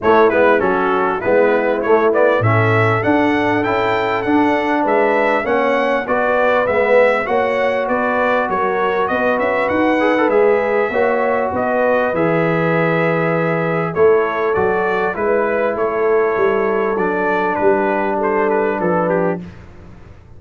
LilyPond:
<<
  \new Staff \with { instrumentName = "trumpet" } { \time 4/4 \tempo 4 = 99 cis''8 b'8 a'4 b'4 cis''8 d''8 | e''4 fis''4 g''4 fis''4 | e''4 fis''4 d''4 e''4 | fis''4 d''4 cis''4 dis''8 e''8 |
fis''4 e''2 dis''4 | e''2. cis''4 | d''4 b'4 cis''2 | d''4 b'4 c''8 b'8 a'8 g'8 | }
  \new Staff \with { instrumentName = "horn" } { \time 4/4 e'4 fis'4 e'2 | a'1 | b'4 cis''4 b'2 | cis''4 b'4 ais'4 b'4~ |
b'2 cis''4 b'4~ | b'2. a'4~ | a'4 b'4 a'2~ | a'4 g'4 a'4 b'4 | }
  \new Staff \with { instrumentName = "trombone" } { \time 4/4 a8 b8 cis'4 b4 a8 b8 | cis'4 d'4 e'4 d'4~ | d'4 cis'4 fis'4 b4 | fis'1~ |
fis'8 gis'16 a'16 gis'4 fis'2 | gis'2. e'4 | fis'4 e'2. | d'1 | }
  \new Staff \with { instrumentName = "tuba" } { \time 4/4 a8 gis8 fis4 gis4 a4 | a,4 d'4 cis'4 d'4 | gis4 ais4 b4 gis4 | ais4 b4 fis4 b8 cis'8 |
dis'4 gis4 ais4 b4 | e2. a4 | fis4 gis4 a4 g4 | fis4 g2 f4 | }
>>